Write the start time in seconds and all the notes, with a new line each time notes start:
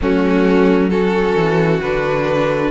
0.01 F#3 A3 C#4 F#4
0.89 C#4 F#4 A4
1.35 E3
1.81 D3 D4 B4